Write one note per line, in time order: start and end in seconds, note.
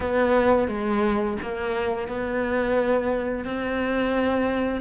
0.00 0.68 B3
0.68 1.37 G#3
1.41 2.08 A#3
2.08 3.45 B3
3.45 4.81 C4